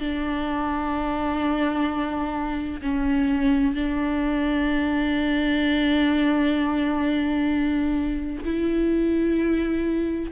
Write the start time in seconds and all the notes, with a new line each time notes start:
0.00 D4
2.82 C#4
3.75 D4
8.45 E4